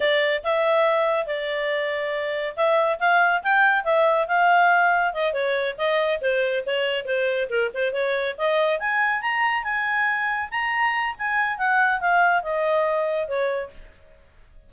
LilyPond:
\new Staff \with { instrumentName = "clarinet" } { \time 4/4 \tempo 4 = 140 d''4 e''2 d''4~ | d''2 e''4 f''4 | g''4 e''4 f''2 | dis''8 cis''4 dis''4 c''4 cis''8~ |
cis''8 c''4 ais'8 c''8 cis''4 dis''8~ | dis''8 gis''4 ais''4 gis''4.~ | gis''8 ais''4. gis''4 fis''4 | f''4 dis''2 cis''4 | }